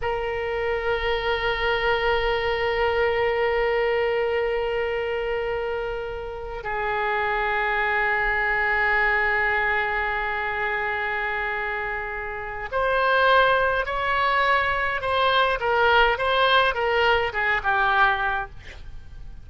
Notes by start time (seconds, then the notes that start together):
0.01 A#4
6.63 G#4
12.71 C5
13.85 C#5
15.01 C5
15.60 A#4
16.17 C5
16.74 A#4
17.32 G#4
17.63 G4